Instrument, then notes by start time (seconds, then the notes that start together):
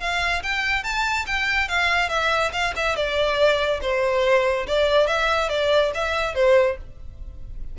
violin
0.00 F5
0.43 G5
0.83 A5
1.26 G5
1.68 F5
2.09 E5
2.52 F5
2.76 E5
2.96 D5
3.82 C5
4.67 D5
5.07 E5
5.49 D5
5.94 E5
6.35 C5